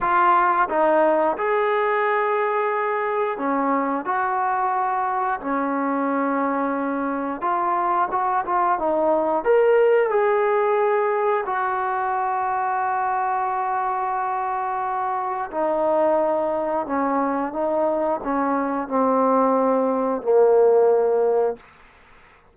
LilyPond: \new Staff \with { instrumentName = "trombone" } { \time 4/4 \tempo 4 = 89 f'4 dis'4 gis'2~ | gis'4 cis'4 fis'2 | cis'2. f'4 | fis'8 f'8 dis'4 ais'4 gis'4~ |
gis'4 fis'2.~ | fis'2. dis'4~ | dis'4 cis'4 dis'4 cis'4 | c'2 ais2 | }